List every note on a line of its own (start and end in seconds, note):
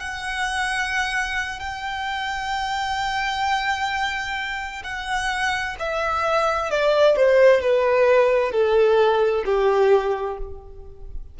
0.00 1.59 F#5
1.59 4.83 G5
4.83 5.76 F#5
5.79 6.70 E5
6.70 7.16 D5
7.16 7.61 C5
7.61 8.51 B4
8.51 9.44 A4
9.45 10.38 G4